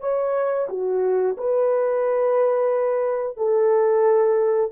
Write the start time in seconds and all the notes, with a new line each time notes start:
0.00 C#5
0.69 F#4
1.37 B4
3.37 A4